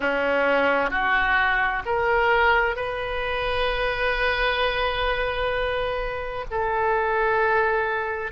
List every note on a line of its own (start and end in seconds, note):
0.00 0.90 C#4
0.90 1.82 F#4
1.85 2.76 A#4
2.76 6.45 B4
6.51 8.31 A4